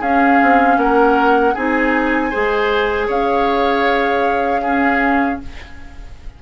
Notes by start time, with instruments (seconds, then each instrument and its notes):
0.00 bassoon C#4, clarinet C#4, oboe G#4, flute F5
0.43 bassoon C4
0.77 bassoon A#3, oboe A#4, flute F#5
1.54 bassoon C4, clarinet D#4, oboe G#4, flute G#5
2.30 bassoon G#3, clarinet G#4, oboe C5
3.08 bassoon C#4, oboe C#5, flute F5
4.62 clarinet C#4, oboe G#4